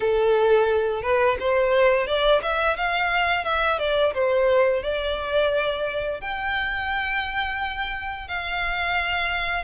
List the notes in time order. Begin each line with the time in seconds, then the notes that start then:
0.00 A4
1.02 B4
1.39 C5
2.07 D5
2.42 E5
2.76 F5
3.44 E5
3.79 D5
4.14 C5
4.82 D5
6.21 G5
8.28 F5